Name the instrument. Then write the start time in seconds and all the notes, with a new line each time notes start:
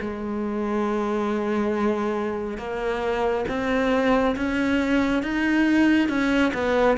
cello
0.00 G#3
2.57 A#3
3.48 C4
4.36 C#4
5.23 D#4
6.08 C#4
6.53 B3